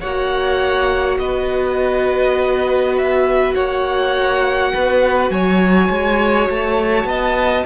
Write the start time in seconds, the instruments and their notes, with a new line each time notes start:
0.00 cello A#3, viola F#4, violin C#5 F#5
1.19 cello B3, violin B4 D#5
2.98 violin E5
3.55 cello A#3, violin C#5 F#5
4.73 cello B3, violin B4
5.30 cello F#3, violin C#5 G#5
5.90 cello G#3
6.50 cello A3, violin A5
7.05 cello B3, violin D#5